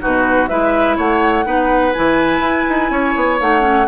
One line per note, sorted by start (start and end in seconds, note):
0.00 0.50 B2
0.00 0.48 D#4
0.00 0.49 F#4
0.00 0.48 B4
0.48 0.98 G#3
0.48 1.44 E4
0.48 0.97 B4
0.48 0.97 E5
0.97 1.45 A3
0.97 1.45 C#5
0.97 1.93 F#5
1.44 1.94 B3
1.44 1.93 D#4
1.44 2.91 B4
1.93 2.40 E3
1.93 3.40 E4
1.93 3.38 G#5
2.40 2.64 E4
2.69 2.90 D#4
2.90 3.14 C#4
2.90 3.87 C#5
3.16 3.40 B3
3.40 3.87 A3
3.40 3.60 D#4
3.40 3.87 F#5
3.60 3.85 C#4